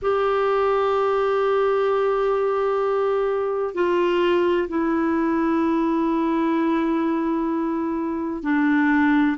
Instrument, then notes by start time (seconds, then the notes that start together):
clarinet
0.02 G4
3.74 F4
4.68 E4
8.42 D4